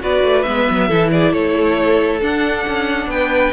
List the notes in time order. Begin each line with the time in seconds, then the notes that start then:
0.00 B3 F#4 B4 D5
0.23 A3
0.43 G#3 B3 E5
0.70 F#3
0.88 E3 E4 A4
1.12 G#4 D5
1.32 A3 A4 C#5
2.22 D4 F#5
2.68 C#4
3.07 B3 B4 G5